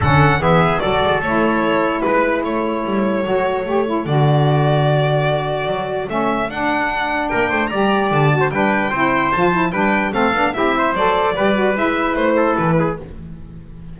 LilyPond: <<
  \new Staff \with { instrumentName = "violin" } { \time 4/4 \tempo 4 = 148 fis''4 e''4 d''4 cis''4~ | cis''4 b'4 cis''2~ | cis''2 d''2~ | d''2. e''4 |
fis''2 g''4 ais''4 | a''4 g''2 a''4 | g''4 f''4 e''4 d''4~ | d''4 e''4 c''4 b'4 | }
  \new Staff \with { instrumentName = "trumpet" } { \time 4/4 a'4 gis'4 a'2~ | a'4 b'4 a'2~ | a'1~ | a'1~ |
a'2 ais'8 c''8 d''4~ | d''8. c''16 b'4 c''2 | b'4 a'4 g'8 c''4. | b'2~ b'8 a'4 gis'8 | }
  \new Staff \with { instrumentName = "saxophone" } { \time 4/4 cis'4 b4 fis'4 e'4~ | e'1 | fis'4 g'8 e'8 fis'2~ | fis'2. cis'4 |
d'2. g'4~ | g'8 fis'8 d'4 e'4 f'8 e'8 | d'4 c'8 d'8 e'4 a'4 | g'8 fis'8 e'2. | }
  \new Staff \with { instrumentName = "double bass" } { \time 4/4 d4 e4 fis8 gis8 a4~ | a4 gis4 a4 g4 | fis4 a4 d2~ | d2 fis4 a4 |
d'2 ais8 a8 g4 | d4 g4 c'4 f4 | g4 a8 b8 c'4 fis4 | g4 gis4 a4 e4 | }
>>